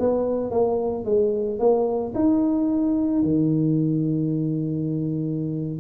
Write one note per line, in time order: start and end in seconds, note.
0.00 0.51 B3
0.51 1.05 A#3
1.05 1.59 G#3
1.59 2.14 A#3
2.15 3.23 D#4
3.23 5.80 D#3